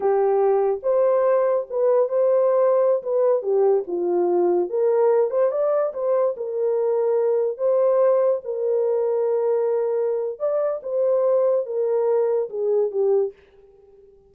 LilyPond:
\new Staff \with { instrumentName = "horn" } { \time 4/4 \tempo 4 = 144 g'2 c''2 | b'4 c''2~ c''16 b'8.~ | b'16 g'4 f'2 ais'8.~ | ais'8. c''8 d''4 c''4 ais'8.~ |
ais'2~ ais'16 c''4.~ c''16~ | c''16 ais'2.~ ais'8.~ | ais'4 d''4 c''2 | ais'2 gis'4 g'4 | }